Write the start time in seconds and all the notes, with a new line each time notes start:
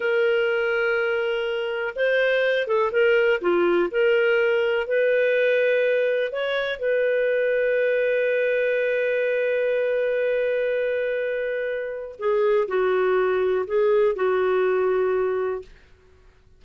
0.00 A#4
1.95 C5
2.67 A4
2.92 A#4
3.41 F4
3.90 A#4
4.87 B4
6.32 C#5
6.79 B4
12.19 G#4
12.68 F#4
13.66 G#4
14.15 F#4